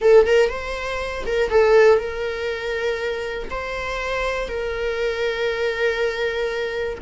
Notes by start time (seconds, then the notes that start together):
0.01 A4
0.26 A#4
0.49 C5
1.26 A#4
1.50 A4
1.99 A#4
3.50 C5
4.48 A#4